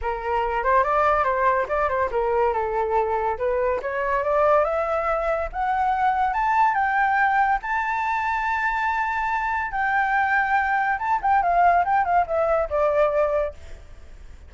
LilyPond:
\new Staff \with { instrumentName = "flute" } { \time 4/4 \tempo 4 = 142 ais'4. c''8 d''4 c''4 | d''8 c''8 ais'4 a'2 | b'4 cis''4 d''4 e''4~ | e''4 fis''2 a''4 |
g''2 a''2~ | a''2. g''4~ | g''2 a''8 g''8 f''4 | g''8 f''8 e''4 d''2 | }